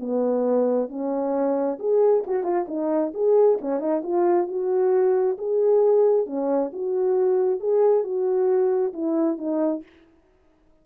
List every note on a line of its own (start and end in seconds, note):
0.00 0.89 B3
0.89 1.78 C#4
1.80 2.24 G#4
2.27 2.44 F#4
2.44 2.66 F4
2.68 3.13 D#4
3.14 3.59 G#4
3.62 3.80 C#4
3.80 4.02 D#4
4.03 4.48 F4
4.48 5.37 F#4
5.38 6.27 G#4
6.27 6.71 C#4
6.73 7.60 F#4
7.60 8.04 G#4
8.04 8.93 F#4
8.94 9.38 E4
9.38 9.83 D#4